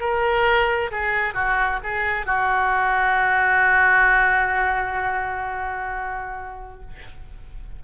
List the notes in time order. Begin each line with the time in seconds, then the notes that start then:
0.00 A#4
0.91 G#4
1.34 F#4
1.83 G#4
2.26 F#4